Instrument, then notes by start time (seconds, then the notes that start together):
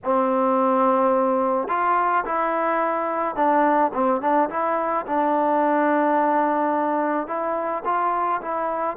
trombone
0.04 C4
1.68 F4
2.25 E4
3.35 D4
3.93 C4
4.21 D4
4.49 E4
5.06 D4
7.27 E4
7.84 F4
8.41 E4